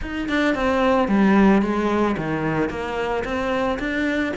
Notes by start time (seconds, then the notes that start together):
0.01 D#4
0.29 D4
0.55 C4
1.08 G3
1.62 G#3
2.17 D#3
2.69 A#3
3.24 C4
3.79 D4